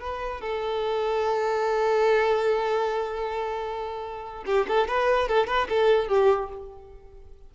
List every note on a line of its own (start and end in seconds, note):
0.00 0.41 B4
0.41 4.44 A4
4.46 4.67 G4
4.68 4.88 A4
4.88 5.29 B4
5.29 5.47 A4
5.47 5.68 B4
5.69 6.08 A4
6.08 6.50 G4